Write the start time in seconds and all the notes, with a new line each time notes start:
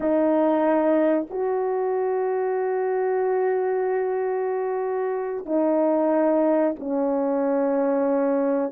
0.00 D#4
1.30 F#4
5.45 D#4
6.79 C#4